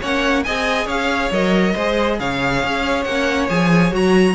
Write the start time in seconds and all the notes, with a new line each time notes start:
0.00 A#3 C#4 C#5 F#5
0.44 C4 G#4 D#5 G#5
0.86 C#4 C#5 F5
1.32 F#3 A#4 D#5
1.75 G#3 G#4 C5
2.20 C#3 C#5 F5
2.63 C#4
3.04 A#3 C#4 F#5
3.49 F3 G#4 G#5
3.91 F#3 F#4 A#5